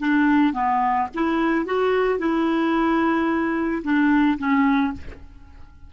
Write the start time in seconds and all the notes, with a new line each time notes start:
0.00 D4
0.54 B3
1.15 E4
1.66 F#4
2.19 E4
3.84 D4
4.39 C#4